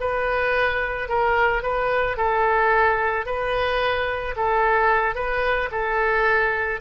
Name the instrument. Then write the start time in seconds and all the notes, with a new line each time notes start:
oboe
0.00 B4
1.09 A#4
1.62 B4
2.17 A4
3.26 B4
4.36 A4
5.15 B4
5.71 A4